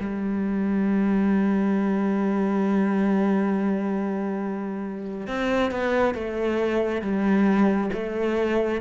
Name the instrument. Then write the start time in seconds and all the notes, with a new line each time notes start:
cello
0.00 G3
5.28 C4
5.72 B3
6.15 A3
7.02 G3
7.94 A3